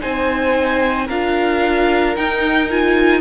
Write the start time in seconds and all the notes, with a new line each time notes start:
0.00 C4 D#4 C5 G#5
1.06 D4 F4 A#4 F5
2.16 D#4 G5
2.70 F4 G#5